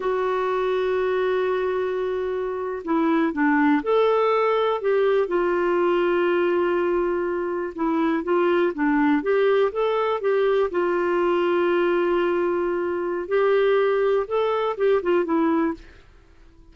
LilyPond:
\new Staff \with { instrumentName = "clarinet" } { \time 4/4 \tempo 4 = 122 fis'1~ | fis'4.~ fis'16 e'4 d'4 a'16~ | a'4.~ a'16 g'4 f'4~ f'16~ | f'2.~ f'8. e'16~ |
e'8. f'4 d'4 g'4 a'16~ | a'8. g'4 f'2~ f'16~ | f'2. g'4~ | g'4 a'4 g'8 f'8 e'4 | }